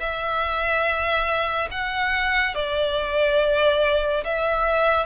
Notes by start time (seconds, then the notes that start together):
0.00 E5
1.71 F#5
2.55 D5
4.24 E5